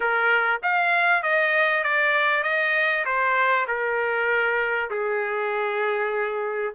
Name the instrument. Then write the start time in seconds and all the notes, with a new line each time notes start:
trumpet
0.00 A#4
0.62 F5
1.22 D#5
1.83 D5
2.43 D#5
3.05 C5
3.67 A#4
4.90 G#4